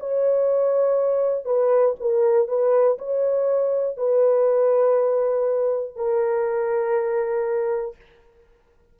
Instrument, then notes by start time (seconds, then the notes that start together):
horn
0.00 C#5
1.45 B4
2.00 A#4
2.47 B4
2.98 C#5
3.97 B4
5.96 A#4